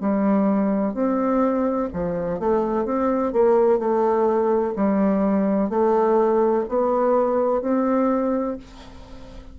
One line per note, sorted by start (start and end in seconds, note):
0.00 0.94 G3
0.94 1.89 C4
1.93 2.39 F3
2.39 2.85 A3
2.85 3.32 C4
3.32 3.79 A#3
3.79 4.74 A3
4.76 5.69 G3
5.69 6.65 A3
6.69 7.62 B3
7.62 8.57 C4